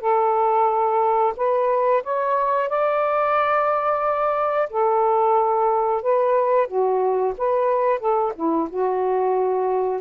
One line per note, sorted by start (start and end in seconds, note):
0.00 1.33 A4
1.36 2.03 B4
2.03 2.69 C#5
2.69 4.69 D5
4.70 6.02 A4
6.02 6.67 B4
6.67 7.34 F#4
7.38 7.99 B4
7.99 8.32 A4
8.35 8.68 E4
8.70 10.01 F#4